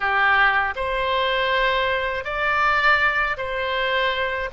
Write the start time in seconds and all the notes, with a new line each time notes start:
0.00 G4
0.75 C5
2.24 D5
3.37 C5